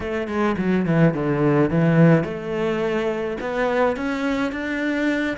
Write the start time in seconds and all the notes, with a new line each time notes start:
0.00 A3
0.27 G#3
0.57 F#3
0.85 E3
1.14 D3
1.70 E3
2.24 A3
3.40 B3
3.96 C#4
4.52 D4